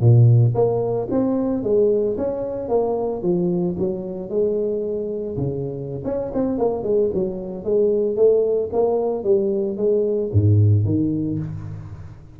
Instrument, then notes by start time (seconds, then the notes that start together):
tuba
0.00 A#2
0.54 A#3
1.10 C4
1.63 G#3
2.17 C#4
2.68 A#3
3.22 F3
3.78 F#3
4.29 G#3
5.37 C#3
6.04 C#4
6.34 C4
6.58 A#3
6.83 G#3
7.13 F#3
7.64 G#3
8.16 A3
8.72 A#3
9.24 G3
9.77 G#3
10.32 G#2
10.85 D#3